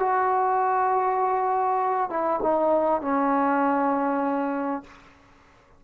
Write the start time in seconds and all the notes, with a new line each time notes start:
0.00 F#4
2.10 E4
2.43 D#4
3.02 C#4